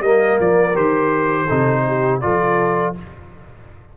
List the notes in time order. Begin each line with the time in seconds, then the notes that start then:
0.00 G3 A#3 A#4 D#5
0.39 F3 D5
0.74 D#3 G4 C5
1.45 C3 D#4 A4
1.86 G4
2.20 F3 F4 A4 D5